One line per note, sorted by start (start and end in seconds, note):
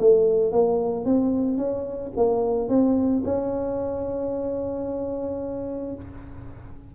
0.00 0.53 A3
0.53 1.06 A#3
1.06 1.58 C4
1.58 2.12 C#4
2.17 2.69 A#3
2.69 3.23 C4
3.25 5.95 C#4